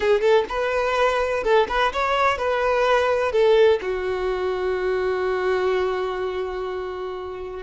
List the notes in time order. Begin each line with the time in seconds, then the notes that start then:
0.00 G#4
0.21 A4
0.48 B4
1.43 A4
1.68 B4
1.93 C#5
2.37 B4
3.32 A4
3.81 F#4